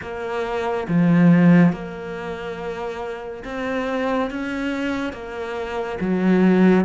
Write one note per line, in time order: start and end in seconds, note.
0.01 0.87 A#3
0.88 1.72 F3
1.72 3.43 A#3
3.44 4.30 C4
4.30 5.12 C#4
5.12 5.98 A#3
6.00 6.85 F#3